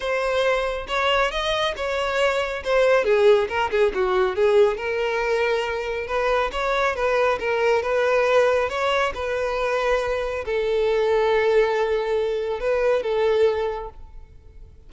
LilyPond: \new Staff \with { instrumentName = "violin" } { \time 4/4 \tempo 4 = 138 c''2 cis''4 dis''4 | cis''2 c''4 gis'4 | ais'8 gis'8 fis'4 gis'4 ais'4~ | ais'2 b'4 cis''4 |
b'4 ais'4 b'2 | cis''4 b'2. | a'1~ | a'4 b'4 a'2 | }